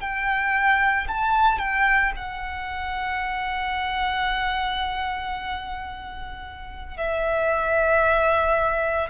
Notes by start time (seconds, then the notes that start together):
0.00 G5
1.08 A5
1.59 G5
2.16 F#5
6.97 E5